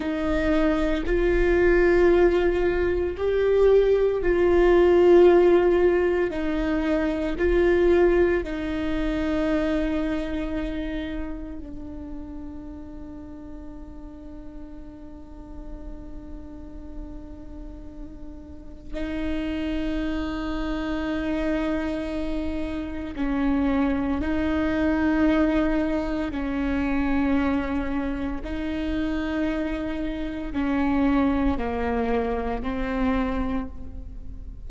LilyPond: \new Staff \with { instrumentName = "viola" } { \time 4/4 \tempo 4 = 57 dis'4 f'2 g'4 | f'2 dis'4 f'4 | dis'2. d'4~ | d'1~ |
d'2 dis'2~ | dis'2 cis'4 dis'4~ | dis'4 cis'2 dis'4~ | dis'4 cis'4 ais4 c'4 | }